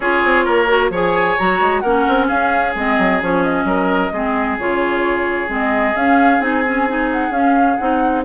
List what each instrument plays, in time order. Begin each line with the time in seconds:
0.00 bassoon C#4, clarinet F4, oboe G#4, flute C#5
0.23 bassoon C4
0.45 bassoon A#3, oboe A#4
0.67 clarinet F#4
0.89 bassoon F3, clarinet G#4, oboe C#5, flute G#5
1.38 bassoon F#3, clarinet F#4, flute A#5
1.60 bassoon G#3
1.79 bassoon A#3, clarinet C#4, oboe A#4, flute F#5
2.07 bassoon C4
2.27 bassoon C#4, oboe G#4, flute F5
2.75 bassoon G#3, clarinet C4, flute D#5
2.98 bassoon F#3
3.21 bassoon F3, clarinet C#4, flute C#5
3.43 flute D#5
3.64 bassoon F#3, oboe A#4
4.11 bassoon G#3, clarinet C4, oboe G#4
4.58 bassoon C#3, clarinet F4, flute C#5
5.48 bassoon G#3, clarinet C4, flute D#5
5.95 bassoon C#4, clarinet C#4, flute F5
6.39 bassoon C4, clarinet D#4, flute G#5
6.66 clarinet C#4
6.88 clarinet D#4
7.11 flute F#5
7.30 bassoon C#4, clarinet C#4, flute F5
7.76 bassoon C4, clarinet D#4, flute F#5